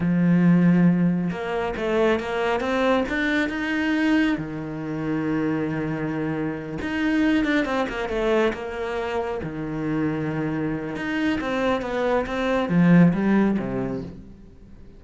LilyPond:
\new Staff \with { instrumentName = "cello" } { \time 4/4 \tempo 4 = 137 f2. ais4 | a4 ais4 c'4 d'4 | dis'2 dis2~ | dis2.~ dis8 dis'8~ |
dis'4 d'8 c'8 ais8 a4 ais8~ | ais4. dis2~ dis8~ | dis4 dis'4 c'4 b4 | c'4 f4 g4 c4 | }